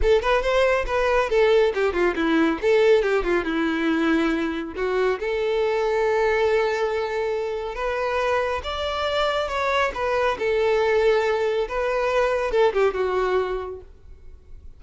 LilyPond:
\new Staff \with { instrumentName = "violin" } { \time 4/4 \tempo 4 = 139 a'8 b'8 c''4 b'4 a'4 | g'8 f'8 e'4 a'4 g'8 f'8 | e'2. fis'4 | a'1~ |
a'2 b'2 | d''2 cis''4 b'4 | a'2. b'4~ | b'4 a'8 g'8 fis'2 | }